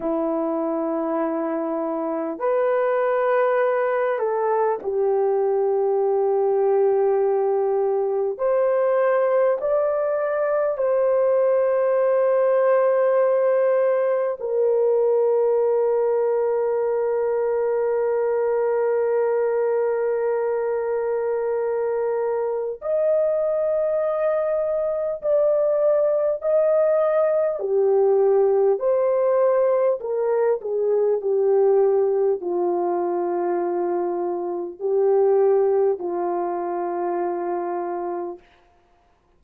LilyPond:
\new Staff \with { instrumentName = "horn" } { \time 4/4 \tempo 4 = 50 e'2 b'4. a'8 | g'2. c''4 | d''4 c''2. | ais'1~ |
ais'2. dis''4~ | dis''4 d''4 dis''4 g'4 | c''4 ais'8 gis'8 g'4 f'4~ | f'4 g'4 f'2 | }